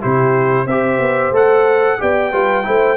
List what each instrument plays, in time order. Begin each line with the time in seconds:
0.00 tuba C3, trombone E4, horn G4, trumpet C5
0.65 tuba C4, trombone G4, horn C5, trumpet E5
0.98 tuba B3
1.30 tuba A3, trombone A4, trumpet F#5
1.98 tuba B3, trombone G4, horn D5, trumpet G5
2.32 tuba G3, trombone F4, horn B4
2.63 tuba A3, trombone E4, horn C5